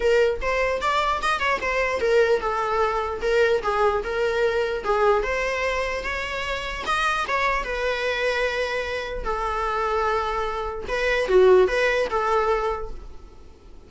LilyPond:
\new Staff \with { instrumentName = "viola" } { \time 4/4 \tempo 4 = 149 ais'4 c''4 d''4 dis''8 cis''8 | c''4 ais'4 a'2 | ais'4 gis'4 ais'2 | gis'4 c''2 cis''4~ |
cis''4 dis''4 cis''4 b'4~ | b'2. a'4~ | a'2. b'4 | fis'4 b'4 a'2 | }